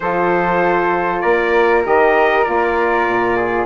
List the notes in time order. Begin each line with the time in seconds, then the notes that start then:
0.00 F3 F4 A4 C5
1.20 A#3 A#4 D5
1.83 D#3 G4 D#5
2.44 A#3 F4 D5
3.07 A#2
3.36 G#4